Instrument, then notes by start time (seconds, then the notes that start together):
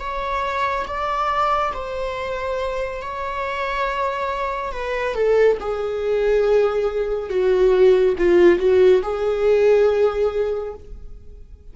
viola
0.00 C#5
0.87 D5
1.74 C5
3.02 C#5
4.72 B4
5.15 A4
5.60 G#4
7.30 F#4
8.18 F4
8.59 F#4
9.03 G#4